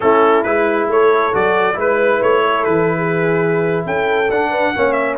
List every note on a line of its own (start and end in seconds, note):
0.00 0.45 A3
0.00 0.45 C#4
0.00 0.89 E4
0.00 0.43 A4
0.43 0.88 G#3
0.43 1.32 E4
0.43 0.87 B4
0.88 1.32 A3
0.88 1.76 A4
0.88 1.34 C#5
1.32 1.76 F#3
1.32 1.73 F#4
1.32 1.78 D5
1.73 2.20 G#3
1.73 4.27 E4
1.73 2.42 B4
1.73 2.22 B4
2.21 2.66 A3
2.21 2.64 C#5
2.44 2.96 A4
2.64 3.85 E3
2.64 3.85 B4
2.96 3.84 G#4
3.85 4.29 C#4
3.85 4.49 A4
3.85 4.30 G5
4.30 4.74 D4
4.30 4.75 D4
4.30 4.92 F#5
4.49 4.71 B4
4.75 5.17 A#3
4.75 5.17 C#4
4.75 5.17 C#5
4.92 5.14 E5